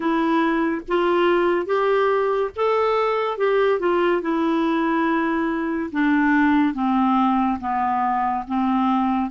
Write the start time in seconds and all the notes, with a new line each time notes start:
0.00 E4
0.88 F4
1.66 G4
2.55 A4
3.37 G4
3.79 F4
4.21 E4
5.92 D4
6.74 C4
7.60 B3
8.47 C4